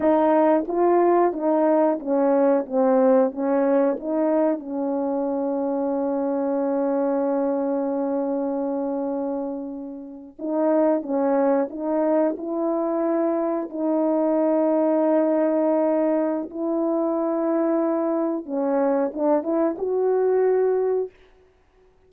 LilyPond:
\new Staff \with { instrumentName = "horn" } { \time 4/4 \tempo 4 = 91 dis'4 f'4 dis'4 cis'4 | c'4 cis'4 dis'4 cis'4~ | cis'1~ | cis'2.~ cis'8. dis'16~ |
dis'8. cis'4 dis'4 e'4~ e'16~ | e'8. dis'2.~ dis'16~ | dis'4 e'2. | cis'4 d'8 e'8 fis'2 | }